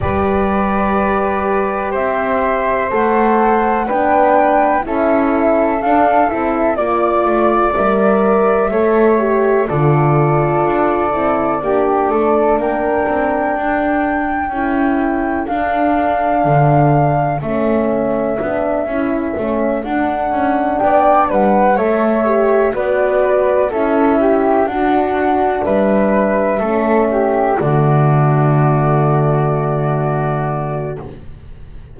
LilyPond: <<
  \new Staff \with { instrumentName = "flute" } { \time 4/4 \tempo 4 = 62 d''2 e''4 fis''4 | g''4 e''4 f''8 e''8 d''4 | e''2 d''2~ | d''4 g''2. |
f''2 e''2~ | e''8 fis''4 g''8 fis''8 e''4 d''8~ | d''8 e''4 fis''4 e''4.~ | e''8 d''2.~ d''8 | }
  \new Staff \with { instrumentName = "flute" } { \time 4/4 b'2 c''2 | b'4 a'2 d''4~ | d''4 cis''4 a'2 | g'8 a'8 ais'4 a'2~ |
a'1~ | a'4. d''8 b'8 cis''4 b'8~ | b'8 a'8 g'8 fis'4 b'4 a'8 | g'8 fis'2.~ fis'8 | }
  \new Staff \with { instrumentName = "horn" } { \time 4/4 g'2. a'4 | d'4 e'4 d'8 e'8 f'4 | ais'4 a'8 g'8 f'4. e'8 | d'2. e'4 |
d'2 cis'4 d'8 e'8 | cis'8 d'2 a'8 g'8 fis'8~ | fis'8 e'4 d'2 cis'8~ | cis'8 a2.~ a8 | }
  \new Staff \with { instrumentName = "double bass" } { \time 4/4 g2 c'4 a4 | b4 cis'4 d'8 c'8 ais8 a8 | g4 a4 d4 d'8 c'8 | ais8 a8 ais8 c'8 d'4 cis'4 |
d'4 d4 a4 b8 cis'8 | a8 d'8 cis'8 b8 g8 a4 b8~ | b8 cis'4 d'4 g4 a8~ | a8 d2.~ d8 | }
>>